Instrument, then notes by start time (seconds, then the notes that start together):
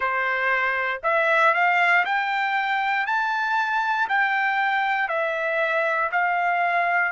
trumpet
0.00 C5
1.03 E5
1.53 F5
2.05 G5
3.06 A5
4.09 G5
5.08 E5
6.11 F5